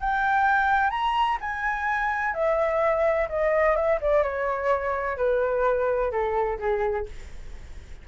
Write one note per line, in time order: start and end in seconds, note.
0.00 0.90 G5
0.90 1.37 A#5
1.40 2.33 G#5
2.33 3.28 E5
3.29 3.75 D#5
3.75 3.99 E5
4.01 4.23 D5
4.23 5.17 C#5
5.17 6.11 B4
6.11 6.58 A4
6.59 7.06 G#4